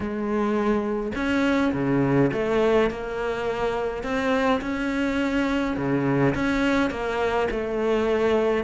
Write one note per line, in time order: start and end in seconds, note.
0.00 1.12 G#3
1.15 1.72 C#4
1.73 2.31 C#3
2.33 2.90 A3
2.90 4.03 A#3
4.03 4.60 C4
4.61 5.76 C#4
5.76 6.34 C#3
6.35 6.90 C#4
6.90 7.48 A#3
7.50 8.64 A3